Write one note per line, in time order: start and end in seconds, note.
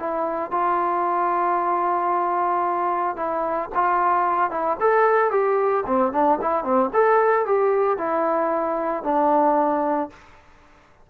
0.00 0.51 E4
0.51 3.17 F4
3.17 3.70 E4
3.75 4.51 F4
4.51 4.78 E4
4.81 5.31 A4
5.31 5.85 G4
5.87 6.13 C4
6.13 6.39 D4
6.42 6.64 E4
6.64 6.91 C4
6.94 7.46 A4
7.46 7.98 G4
7.98 9.04 E4
9.04 10.10 D4